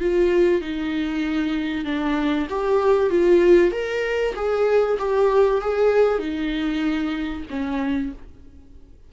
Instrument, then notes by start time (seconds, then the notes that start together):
viola
0.00 F4
0.61 D#4
1.84 D4
2.49 G4
3.10 F4
3.72 A#4
4.35 G#4
4.99 G4
5.61 G#4
6.18 D#4
7.50 C#4